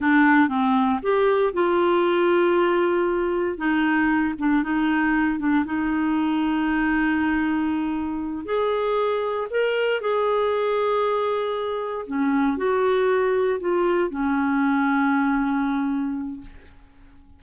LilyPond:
\new Staff \with { instrumentName = "clarinet" } { \time 4/4 \tempo 4 = 117 d'4 c'4 g'4 f'4~ | f'2. dis'4~ | dis'8 d'8 dis'4. d'8 dis'4~ | dis'1~ |
dis'8 gis'2 ais'4 gis'8~ | gis'2.~ gis'8 cis'8~ | cis'8 fis'2 f'4 cis'8~ | cis'1 | }